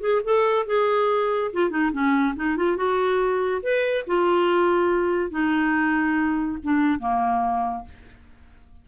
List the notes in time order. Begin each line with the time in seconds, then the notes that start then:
0.00 G#4
0.24 A4
0.66 G#4
1.53 F4
1.70 D#4
1.92 C#4
2.36 D#4
2.56 F4
2.77 F#4
3.62 B4
4.07 F4
5.31 D#4
6.63 D4
6.99 A#3